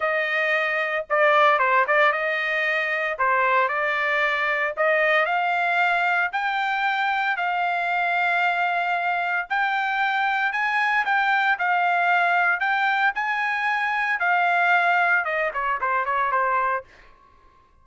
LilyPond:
\new Staff \with { instrumentName = "trumpet" } { \time 4/4 \tempo 4 = 114 dis''2 d''4 c''8 d''8 | dis''2 c''4 d''4~ | d''4 dis''4 f''2 | g''2 f''2~ |
f''2 g''2 | gis''4 g''4 f''2 | g''4 gis''2 f''4~ | f''4 dis''8 cis''8 c''8 cis''8 c''4 | }